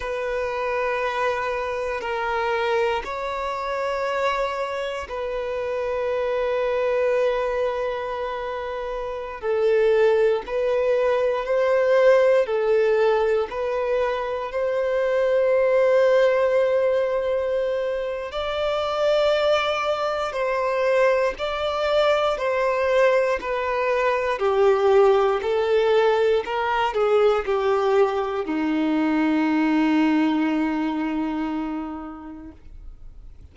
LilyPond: \new Staff \with { instrumentName = "violin" } { \time 4/4 \tempo 4 = 59 b'2 ais'4 cis''4~ | cis''4 b'2.~ | b'4~ b'16 a'4 b'4 c''8.~ | c''16 a'4 b'4 c''4.~ c''16~ |
c''2 d''2 | c''4 d''4 c''4 b'4 | g'4 a'4 ais'8 gis'8 g'4 | dis'1 | }